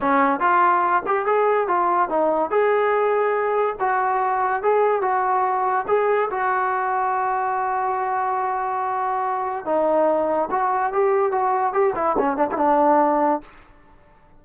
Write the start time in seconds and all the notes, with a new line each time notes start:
0.00 C#4
0.39 F4
1.06 G4
1.26 G#4
1.67 F4
2.09 D#4
2.50 G#4
3.79 F#4
4.62 G#4
5.01 F#4
5.87 G#4
6.30 F#4
9.65 D#4
10.50 F#4
10.93 G4
11.31 F#4
11.73 G4
11.95 E4
12.18 C#4
12.37 D4
12.51 D4 E4